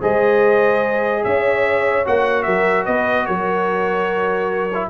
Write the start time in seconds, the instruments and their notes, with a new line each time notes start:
0.00 tuba G#3, trombone G#4, horn C5, trumpet D#5
1.23 tuba C#4, horn C#5, trumpet E5
2.05 tuba A#3, trombone F#4, trumpet F#5
2.43 tuba F#3, horn A#4, trumpet E5
2.85 tuba B3, horn B4, trumpet D#5
3.26 tuba F#3, horn A#4, trumpet C#5
4.74 trombone E4